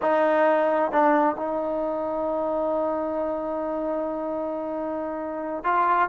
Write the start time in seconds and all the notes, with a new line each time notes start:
0.01 D#4
0.91 D4
1.36 D#4
5.64 F4